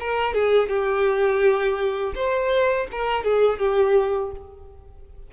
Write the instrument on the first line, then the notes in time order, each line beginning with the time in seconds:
violin
0.00 A#4
0.34 G#4
0.68 G4
2.15 C5
2.91 A#4
3.24 G#4
3.58 G4